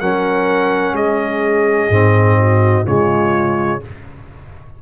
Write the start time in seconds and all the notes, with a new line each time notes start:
0.00 F#3 C#4 A#4 F#5
0.93 G#3 G#4 D#5
1.89 G#2 C4
2.39 F#4
2.85 C#3 G#3 F4 C#5